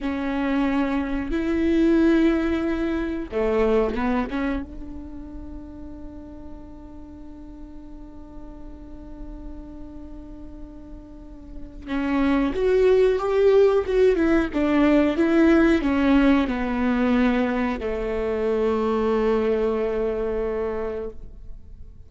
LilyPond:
\new Staff \with { instrumentName = "viola" } { \time 4/4 \tempo 4 = 91 cis'2 e'2~ | e'4 a4 b8 cis'8 d'4~ | d'1~ | d'1~ |
d'2 cis'4 fis'4 | g'4 fis'8 e'8 d'4 e'4 | cis'4 b2 a4~ | a1 | }